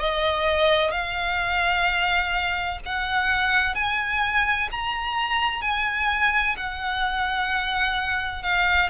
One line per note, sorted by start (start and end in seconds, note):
0.00 0.92 D#5
0.92 2.79 F5
2.86 3.75 F#5
3.75 4.69 G#5
4.71 5.62 A#5
5.62 6.56 G#5
6.57 8.43 F#5
8.43 8.90 F5